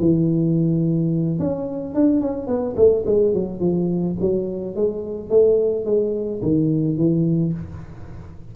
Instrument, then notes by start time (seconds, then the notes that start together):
tuba
0.00 E3
1.40 C#4
1.95 D4
2.21 C#4
2.48 B3
2.77 A3
3.07 G#3
3.34 F#3
3.61 F3
4.21 F#3
4.76 G#3
5.30 A3
5.86 G#3
6.43 D#3
6.98 E3